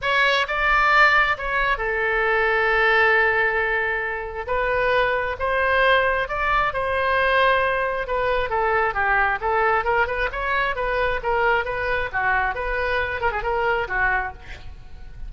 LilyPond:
\new Staff \with { instrumentName = "oboe" } { \time 4/4 \tempo 4 = 134 cis''4 d''2 cis''4 | a'1~ | a'2 b'2 | c''2 d''4 c''4~ |
c''2 b'4 a'4 | g'4 a'4 ais'8 b'8 cis''4 | b'4 ais'4 b'4 fis'4 | b'4. ais'16 gis'16 ais'4 fis'4 | }